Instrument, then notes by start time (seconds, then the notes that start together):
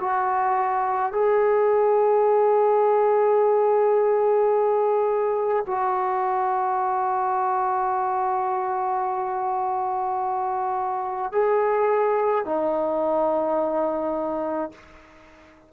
trombone
0.00 F#4
1.13 G#4
5.67 F#4
11.32 G#4
12.45 D#4